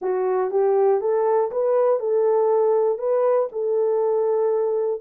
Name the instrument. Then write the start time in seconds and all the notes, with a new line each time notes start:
horn
0.01 F#4
0.50 G4
1.00 A4
1.51 B4
1.99 A4
2.98 B4
3.52 A4